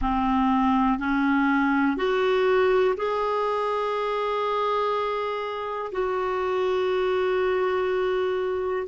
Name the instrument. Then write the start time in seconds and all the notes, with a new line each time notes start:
clarinet
0.01 C4
0.98 C#4
1.96 F#4
2.96 G#4
5.92 F#4